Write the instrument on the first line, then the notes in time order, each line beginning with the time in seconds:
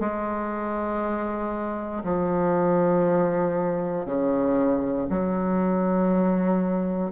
bassoon
0.00 G#3
2.04 F3
4.05 C#3
5.09 F#3